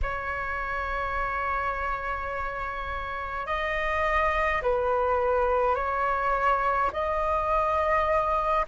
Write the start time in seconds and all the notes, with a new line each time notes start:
0.02 C#5
3.46 D#5
4.62 B4
5.75 C#5
6.92 D#5